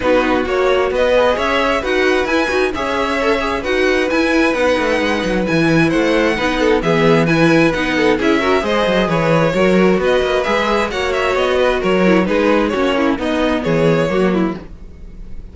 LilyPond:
<<
  \new Staff \with { instrumentName = "violin" } { \time 4/4 \tempo 4 = 132 b'4 cis''4 dis''4 e''4 | fis''4 gis''4 e''2 | fis''4 gis''4 fis''2 | gis''4 fis''2 e''4 |
gis''4 fis''4 e''4 dis''4 | cis''2 dis''4 e''4 | fis''8 e''8 dis''4 cis''4 b'4 | cis''4 dis''4 cis''2 | }
  \new Staff \with { instrumentName = "violin" } { \time 4/4 fis'2 b'4 cis''4 | b'2 cis''2 | b'1~ | b'4 c''4 b'8 a'8 gis'4 |
b'4. a'8 gis'8 ais'8 c''4 | b'4 ais'4 b'2 | cis''4. b'8 ais'4 gis'4 | fis'8 e'8 dis'4 gis'4 fis'8 e'8 | }
  \new Staff \with { instrumentName = "viola" } { \time 4/4 dis'4 fis'4. gis'4. | fis'4 e'8 fis'8 gis'4 a'8 gis'8 | fis'4 e'4 dis'2 | e'2 dis'4 b4 |
e'4 dis'4 e'8 fis'8 gis'4~ | gis'4 fis'2 gis'4 | fis'2~ fis'8 e'8 dis'4 | cis'4 b2 ais4 | }
  \new Staff \with { instrumentName = "cello" } { \time 4/4 b4 ais4 b4 cis'4 | dis'4 e'8 dis'8 cis'2 | dis'4 e'4 b8 a8 gis8 fis8 | e4 a4 b4 e4~ |
e4 b4 cis'4 gis8 fis8 | e4 fis4 b8 ais8 gis4 | ais4 b4 fis4 gis4 | ais4 b4 e4 fis4 | }
>>